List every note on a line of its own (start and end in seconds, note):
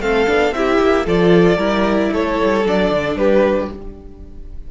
0.00 0.26 A3
0.00 0.27 C4
0.00 0.55 A4
0.00 0.54 F5
0.27 0.52 B3
0.27 0.54 D4
0.52 0.79 C4
0.52 1.07 E4
0.52 1.06 G4
0.52 1.06 E5
0.80 1.06 A#3
1.06 1.57 F3
1.06 1.59 F4
1.06 1.58 A4
1.06 2.13 D5
1.57 2.10 G3
1.57 2.64 E4
1.57 2.11 A#4
2.13 2.39 A3
2.13 3.18 A4
2.13 2.67 C#5
2.43 2.66 G3
2.66 2.91 F#3
2.66 3.72 D4
2.66 3.18 D5
2.91 3.16 D3
3.16 3.68 G3
3.16 3.71 G4
3.16 3.70 B4